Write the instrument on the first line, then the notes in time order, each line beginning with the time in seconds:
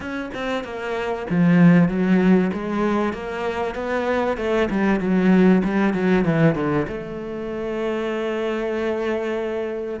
cello
0.00 C#4
0.34 C4
0.64 A#3
1.30 F3
1.88 F#3
2.53 G#3
3.12 A#3
3.74 B3
4.37 A3
4.70 G3
5.00 F#3
5.64 G3
5.93 F#3
6.24 E3
6.55 D3
6.87 A3